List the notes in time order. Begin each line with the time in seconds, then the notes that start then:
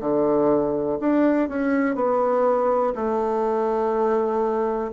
0.00 D3
1.00 D4
1.49 C#4
1.95 B3
2.95 A3